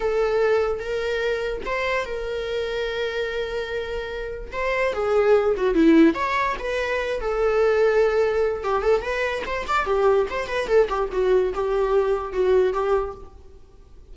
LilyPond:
\new Staff \with { instrumentName = "viola" } { \time 4/4 \tempo 4 = 146 a'2 ais'2 | c''4 ais'2.~ | ais'2. c''4 | gis'4. fis'8 e'4 cis''4 |
b'4. a'2~ a'8~ | a'4 g'8 a'8 b'4 c''8 d''8 | g'4 c''8 b'8 a'8 g'8 fis'4 | g'2 fis'4 g'4 | }